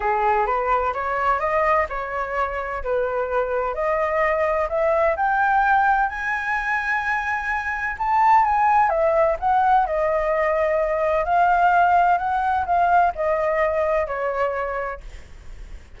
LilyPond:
\new Staff \with { instrumentName = "flute" } { \time 4/4 \tempo 4 = 128 gis'4 b'4 cis''4 dis''4 | cis''2 b'2 | dis''2 e''4 g''4~ | g''4 gis''2.~ |
gis''4 a''4 gis''4 e''4 | fis''4 dis''2. | f''2 fis''4 f''4 | dis''2 cis''2 | }